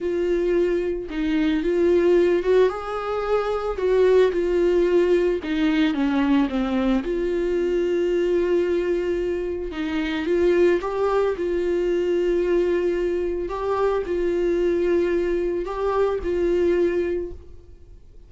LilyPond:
\new Staff \with { instrumentName = "viola" } { \time 4/4 \tempo 4 = 111 f'2 dis'4 f'4~ | f'8 fis'8 gis'2 fis'4 | f'2 dis'4 cis'4 | c'4 f'2.~ |
f'2 dis'4 f'4 | g'4 f'2.~ | f'4 g'4 f'2~ | f'4 g'4 f'2 | }